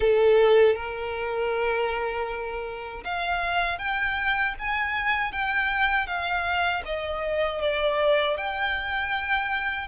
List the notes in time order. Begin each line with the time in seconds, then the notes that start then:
0.00 A4
0.75 A#4
3.04 F5
3.78 G5
4.58 G#5
5.32 G5
6.07 F5
6.85 D#5
7.61 D5
8.37 G5